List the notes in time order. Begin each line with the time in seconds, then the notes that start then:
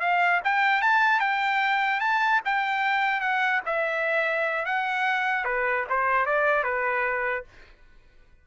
0.00 F5
0.44 G5
0.81 A5
1.20 G5
2.00 A5
2.45 G5
3.20 F#5
3.66 E5
4.65 F#5
5.45 B4
5.89 C5
6.25 D5
6.63 B4